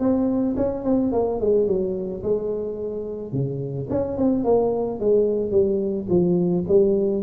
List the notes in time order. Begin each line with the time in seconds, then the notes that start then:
0.00 C4
0.57 C#4
0.85 C4
1.13 A#3
1.40 G#3
1.67 F#3
2.23 G#3
3.32 C#3
3.90 C#4
4.18 C4
4.44 A#3
5.00 G#3
5.51 G3
6.09 F3
6.68 G3